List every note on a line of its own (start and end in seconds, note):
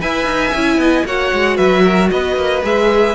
0.00 0.25 E4
0.00 0.53 B4
0.00 0.80 E5
0.00 1.06 G#5
0.25 0.52 D#4
0.54 0.77 C#4
0.54 1.07 E4
0.77 1.04 B3
0.77 1.06 D#5
1.05 1.32 A#3
1.05 2.63 F#4
1.05 1.57 C#5
1.05 1.57 F#5
1.33 1.59 G#3
1.57 2.11 F#3
1.57 1.83 B4
1.57 2.10 E5
1.84 2.10 A#4
2.11 2.36 B3
2.11 3.15 B4
2.11 2.63 D#5
2.36 2.63 A#3
2.63 3.15 G#3
2.63 3.15 G#4
2.63 3.15 E5